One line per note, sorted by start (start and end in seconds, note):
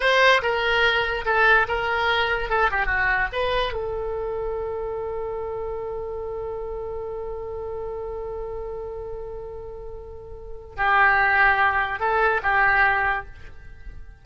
0.00 0.41 C5
0.42 1.24 A#4
1.25 1.66 A4
1.68 2.49 A#4
2.49 2.70 A4
2.70 2.86 G4
2.86 3.27 F#4
3.32 3.72 B4
3.72 10.76 A4
10.76 11.99 G4
11.99 12.41 A4
12.42 13.25 G4